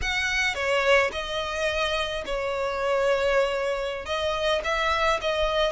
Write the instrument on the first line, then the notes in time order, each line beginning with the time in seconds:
violin
0.01 F#5
0.55 C#5
1.12 D#5
2.25 C#5
4.05 D#5
4.64 E5
5.21 D#5